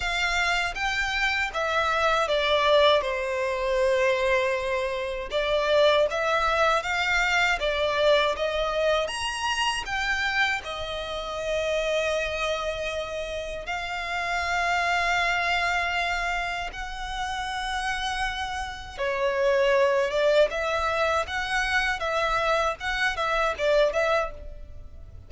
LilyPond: \new Staff \with { instrumentName = "violin" } { \time 4/4 \tempo 4 = 79 f''4 g''4 e''4 d''4 | c''2. d''4 | e''4 f''4 d''4 dis''4 | ais''4 g''4 dis''2~ |
dis''2 f''2~ | f''2 fis''2~ | fis''4 cis''4. d''8 e''4 | fis''4 e''4 fis''8 e''8 d''8 e''8 | }